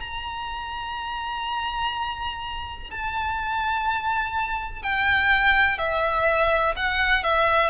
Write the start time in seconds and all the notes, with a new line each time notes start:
0.00 A#5
2.91 A5
4.83 G5
5.78 E5
6.77 F#5
7.24 E5